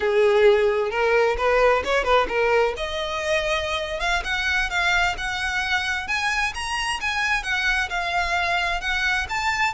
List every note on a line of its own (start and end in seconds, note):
0.00 0.90 G#4
0.90 1.36 A#4
1.37 1.83 B4
1.84 2.04 C#5
2.04 2.27 B4
2.28 2.74 A#4
2.76 4.00 D#5
4.00 4.22 F5
4.24 4.69 F#5
4.69 5.15 F5
5.17 6.07 F#5
6.07 6.53 G#5
6.54 7.00 A#5
7.01 7.43 G#5
7.43 7.89 F#5
7.89 8.80 F5
8.80 9.26 F#5
9.29 9.73 A5